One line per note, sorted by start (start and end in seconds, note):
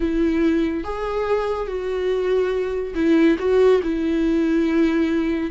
0.00 0.84 E4
0.84 1.67 G#4
1.67 2.94 F#4
2.94 3.36 E4
3.38 3.81 F#4
3.83 5.50 E4